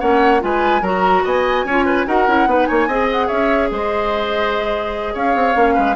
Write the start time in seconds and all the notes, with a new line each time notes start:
0.00 A#3 C#4 C#5 F#5
0.40 G#3 F4 B4 G#5
0.82 F#3 F#4 A#4 A#5
1.25 B3 D#5 G#5
1.64 C#4 F4 C#5
1.86 B4
2.07 D#4 F#4 A#4 F#5
2.28 C#4 E4
2.47 B3 D#4 B4
2.66 A#3 C#5 G#5
2.87 C4 G#4 D#5
3.12 F#5
3.27 C#4 C#5 E5
3.71 G#3 C5 D#5
5.14 C#4 C#5 F5
5.35 C4
5.55 A#3 C#4
5.75 G#3 B4